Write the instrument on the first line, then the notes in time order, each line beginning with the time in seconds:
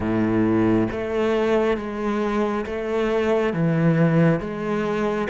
cello
0.00 A2
0.91 A3
1.76 G#3
2.66 A3
3.53 E3
4.40 G#3